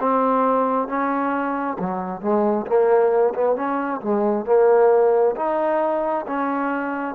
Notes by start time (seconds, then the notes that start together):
0.00 C4
0.88 C#4
1.79 F#3
2.21 G#3
2.67 A#3
3.35 B3
3.56 C#4
4.01 G#3
4.45 A#3
5.36 D#4
6.26 C#4